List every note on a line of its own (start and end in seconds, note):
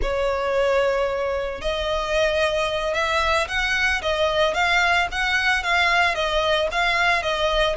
0.02 1.61 C#5
1.61 2.94 D#5
2.94 3.47 E5
3.47 4.01 F#5
4.02 4.54 D#5
4.54 5.07 F5
5.11 5.63 F#5
5.63 6.15 F5
6.15 6.68 D#5
6.71 7.22 F5
7.22 7.76 D#5